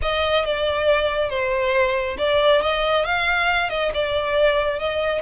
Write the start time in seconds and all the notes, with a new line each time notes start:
0.01 D#5
0.45 D5
1.29 C5
2.18 D5
2.61 D#5
3.04 F5
3.69 D#5
3.93 D5
4.79 D#5